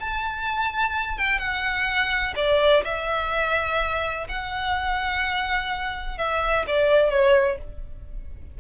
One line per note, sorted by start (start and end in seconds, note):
0.00 1.18 A5
1.18 1.39 G5
1.39 2.34 F#5
2.36 2.83 D5
2.84 4.27 E5
4.28 6.18 F#5
6.18 6.65 E5
6.67 7.10 D5
7.10 7.58 C#5